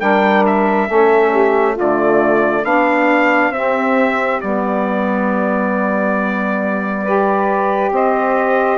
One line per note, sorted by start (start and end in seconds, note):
0.00 0.89 G3
0.00 0.87 D4
0.00 0.88 A#4
0.00 0.44 G5
0.46 1.78 E5
0.87 1.78 A3
0.87 1.75 C#4
0.87 1.32 A4
1.32 1.72 G4
1.72 2.64 A3
1.72 2.61 F4
1.79 2.63 D3
1.79 2.65 D5
2.63 3.50 B3
2.63 3.51 D4
2.63 3.52 D4
2.63 3.52 F5
3.50 4.38 C4
3.50 4.42 C4
3.50 7.03 G4
3.50 4.40 E5
4.41 7.91 G3
4.41 7.06 B3
4.41 7.94 D5
7.03 8.78 G4
7.03 7.91 B4
7.91 8.78 C4
7.91 8.78 C5
7.91 8.78 D#5